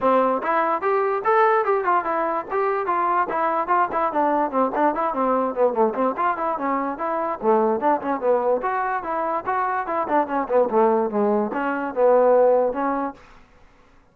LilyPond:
\new Staff \with { instrumentName = "trombone" } { \time 4/4 \tempo 4 = 146 c'4 e'4 g'4 a'4 | g'8 f'8 e'4 g'4 f'4 | e'4 f'8 e'8 d'4 c'8 d'8 | e'8 c'4 b8 a8 c'8 f'8 e'8 |
cis'4 e'4 a4 d'8 cis'8 | b4 fis'4 e'4 fis'4 | e'8 d'8 cis'8 b8 a4 gis4 | cis'4 b2 cis'4 | }